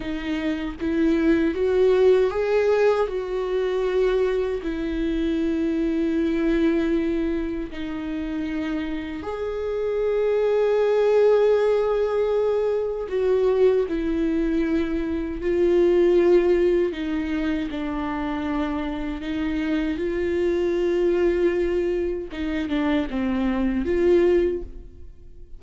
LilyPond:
\new Staff \with { instrumentName = "viola" } { \time 4/4 \tempo 4 = 78 dis'4 e'4 fis'4 gis'4 | fis'2 e'2~ | e'2 dis'2 | gis'1~ |
gis'4 fis'4 e'2 | f'2 dis'4 d'4~ | d'4 dis'4 f'2~ | f'4 dis'8 d'8 c'4 f'4 | }